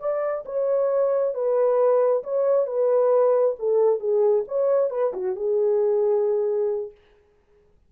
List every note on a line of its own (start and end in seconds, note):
0.00 0.44 D5
0.45 1.34 C#5
1.34 2.23 B4
2.24 2.67 C#5
2.67 3.56 B4
3.59 4.00 A4
4.00 4.44 G#4
4.48 4.90 C#5
4.90 5.13 B4
5.14 5.36 F#4
5.36 6.92 G#4